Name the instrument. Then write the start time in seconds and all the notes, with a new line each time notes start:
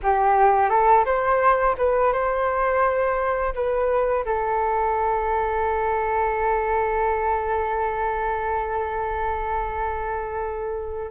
flute
0.02 G4
0.69 A4
1.05 C5
1.77 B4
2.12 C5
3.54 B4
4.25 A4